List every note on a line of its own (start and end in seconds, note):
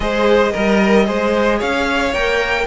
0.00 0.53 G#3
0.00 0.53 G#4
0.00 0.52 C5
0.00 1.60 D#5
0.52 1.08 G3
0.52 1.05 A#4
1.05 1.61 G#3
1.05 2.12 G#4
1.05 1.58 C5
1.58 2.13 C#4
1.58 2.65 C#5
1.58 2.13 F5
2.13 2.66 A#3
2.13 2.66 A#4
2.13 2.66 G5